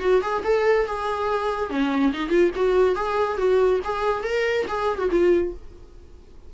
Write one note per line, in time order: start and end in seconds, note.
0.00 0.21 F#4
0.22 0.43 G#4
0.44 0.86 A4
0.86 1.70 G#4
1.70 2.12 C#4
2.13 2.29 D#4
2.29 2.51 F4
2.55 2.95 F#4
2.95 3.37 G#4
3.37 3.80 F#4
3.84 4.23 G#4
4.23 4.66 A#4
4.68 4.98 G#4
4.98 5.09 F#4
5.11 5.53 F4